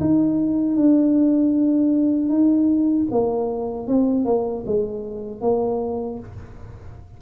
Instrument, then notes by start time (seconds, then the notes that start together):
tuba
0.00 D#4
0.76 D4
2.29 D#4
3.11 A#3
3.87 C4
4.25 A#3
4.66 G#3
5.41 A#3